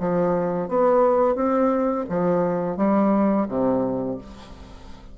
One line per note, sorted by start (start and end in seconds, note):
0.00 0.68 F3
0.68 1.35 B3
1.35 2.05 C4
2.09 2.77 F3
2.77 3.47 G3
3.48 4.18 C3